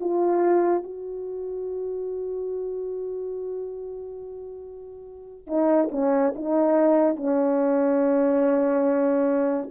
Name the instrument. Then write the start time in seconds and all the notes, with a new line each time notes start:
horn
0.00 F4
0.83 F#4
5.47 D#4
5.91 C#4
6.35 D#4
7.16 C#4